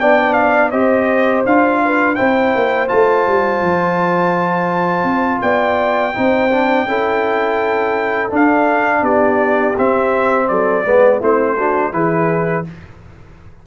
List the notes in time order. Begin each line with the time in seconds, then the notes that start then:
0.00 B3 D4 D5 G5
0.33 F5
0.71 C4 G4 C5 D#5
1.46 D4 F4 F5
1.84 B4
2.15 C4 E4 C5 G5
2.55 A#3
2.88 A3 F4 A5
3.27 G3
3.62 F3
5.04 C4
5.41 B3 D5 G5
6.14 C4 D#4 C5
6.51 D4
6.86 C#4 E4 A4
8.30 D4 F5
9.02 B3 G4 D5
9.77 C4 E5
10.48 F#3 A4 D5
10.84 G#3 B3 B4
11.20 A3 C4 E4 C5
11.57 D4 F#4
11.92 E3 E4 G#4 B4